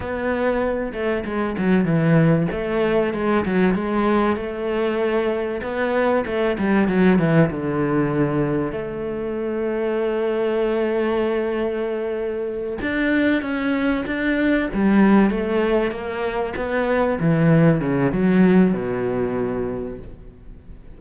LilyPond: \new Staff \with { instrumentName = "cello" } { \time 4/4 \tempo 4 = 96 b4. a8 gis8 fis8 e4 | a4 gis8 fis8 gis4 a4~ | a4 b4 a8 g8 fis8 e8 | d2 a2~ |
a1~ | a8 d'4 cis'4 d'4 g8~ | g8 a4 ais4 b4 e8~ | e8 cis8 fis4 b,2 | }